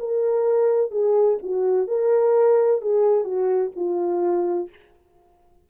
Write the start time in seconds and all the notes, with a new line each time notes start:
0.00 A#4
0.92 G#4
1.43 F#4
1.88 A#4
2.82 G#4
3.25 F#4
3.76 F4